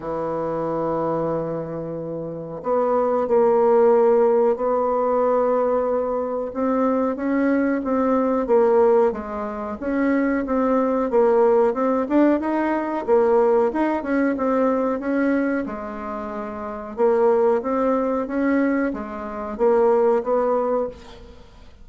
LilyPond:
\new Staff \with { instrumentName = "bassoon" } { \time 4/4 \tempo 4 = 92 e1 | b4 ais2 b4~ | b2 c'4 cis'4 | c'4 ais4 gis4 cis'4 |
c'4 ais4 c'8 d'8 dis'4 | ais4 dis'8 cis'8 c'4 cis'4 | gis2 ais4 c'4 | cis'4 gis4 ais4 b4 | }